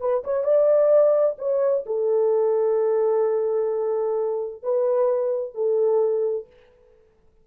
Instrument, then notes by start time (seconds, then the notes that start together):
horn
0.00 B4
0.24 C#5
0.44 D5
1.38 C#5
1.86 A4
4.63 B4
5.54 A4